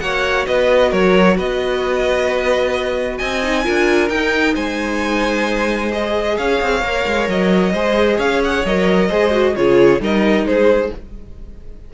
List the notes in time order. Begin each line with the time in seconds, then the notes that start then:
0.00 A#3 F#4 C#5 F#5
0.47 B3 B4 D#5
0.89 F#3 A#4 C#5
1.37 B3 B4 D#5
3.18 C4 D#5 G#5
3.43 D#4
3.64 D4 F4 A#4
4.09 D#4 G5
4.54 G#3 C5 G#5
5.92 G#4 D#5
6.37 C#4 C#5 F5
6.62 C4
6.82 A#3 A#4
7.06 G#3
7.28 F#3 D#5
7.73 G#3 G#4 C5
8.17 C#4 C#5 F5
8.44 F#5
8.65 F#3 A#4 D#5
9.08 G#3 G#4 C5
9.32 F#4
9.55 C#3 F4 G#4 C#5
10.00 G3 D#4 A#4 D#5
10.44 G#3 G#4 C5